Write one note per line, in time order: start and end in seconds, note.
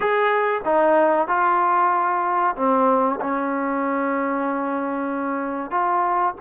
0.00 0.61 G#4
0.64 1.27 D#4
1.27 2.55 F4
2.55 3.19 C4
3.21 5.70 C#4
5.70 6.34 F4